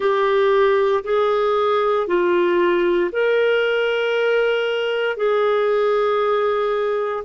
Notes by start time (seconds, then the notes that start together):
0.00 G4
1.03 G#4
2.07 F4
3.12 A#4
5.16 G#4